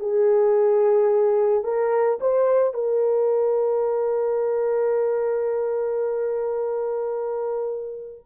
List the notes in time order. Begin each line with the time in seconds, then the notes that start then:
0.00 G#4
1.64 A#4
2.21 C5
2.74 A#4